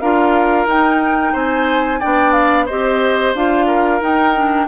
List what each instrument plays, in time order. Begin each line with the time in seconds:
0.00 bassoon D4, clarinet F4, oboe A#4, flute F5
0.67 bassoon D#4, clarinet D#4, flute G5
1.33 bassoon C4, oboe C5, flute G#5
2.00 bassoon B3, clarinet D4, oboe D5, flute G5
2.33 flute F5
2.66 bassoon C4, clarinet G4, oboe C5, flute D#5
3.34 bassoon D4, clarinet F4, flute F5
3.67 oboe A#4
4.01 clarinet D#4, bassoon D#4, flute G5
4.35 clarinet D4